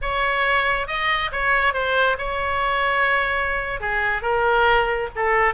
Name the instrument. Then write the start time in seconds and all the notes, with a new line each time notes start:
oboe
0.01 C#5
0.87 D#5
1.32 C#5
1.73 C5
2.17 C#5
3.80 G#4
4.22 A#4
5.15 A4